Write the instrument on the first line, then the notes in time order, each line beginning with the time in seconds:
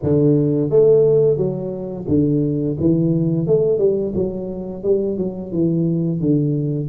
tuba
0.03 D3
0.70 A3
1.37 F#3
2.08 D3
2.79 E3
3.46 A3
3.78 G3
4.14 F#3
4.83 G3
5.17 F#3
5.52 E3
6.20 D3